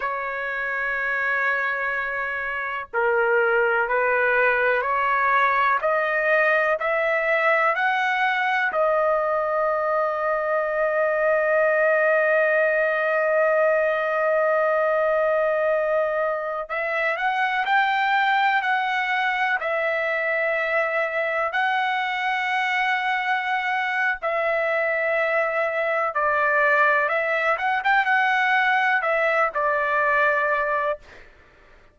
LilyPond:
\new Staff \with { instrumentName = "trumpet" } { \time 4/4 \tempo 4 = 62 cis''2. ais'4 | b'4 cis''4 dis''4 e''4 | fis''4 dis''2.~ | dis''1~ |
dis''4~ dis''16 e''8 fis''8 g''4 fis''8.~ | fis''16 e''2 fis''4.~ fis''16~ | fis''4 e''2 d''4 | e''8 fis''16 g''16 fis''4 e''8 d''4. | }